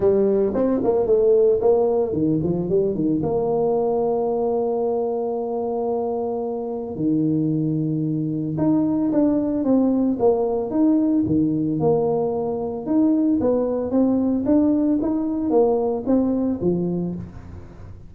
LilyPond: \new Staff \with { instrumentName = "tuba" } { \time 4/4 \tempo 4 = 112 g4 c'8 ais8 a4 ais4 | dis8 f8 g8 dis8 ais2~ | ais1~ | ais4 dis2. |
dis'4 d'4 c'4 ais4 | dis'4 dis4 ais2 | dis'4 b4 c'4 d'4 | dis'4 ais4 c'4 f4 | }